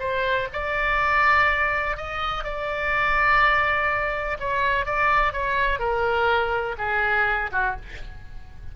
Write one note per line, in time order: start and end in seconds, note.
0.00 0.48 C5
0.53 1.97 D5
1.97 2.45 D#5
2.45 4.38 D5
4.40 4.86 C#5
4.86 5.33 D5
5.33 5.80 C#5
5.80 6.76 A#4
6.79 7.51 G#4
7.52 7.77 F#4